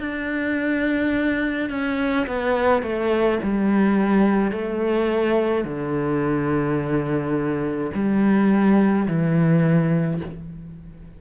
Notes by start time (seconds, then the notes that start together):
0.00 D4
1.70 C#4
2.27 B3
2.83 A3
3.43 G3
4.52 A3
5.64 D3
7.95 G3
9.08 E3